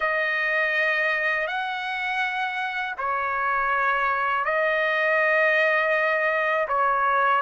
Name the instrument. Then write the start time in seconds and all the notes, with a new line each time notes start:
trumpet
0.00 D#5
1.46 F#5
2.98 C#5
4.44 D#5
6.67 C#5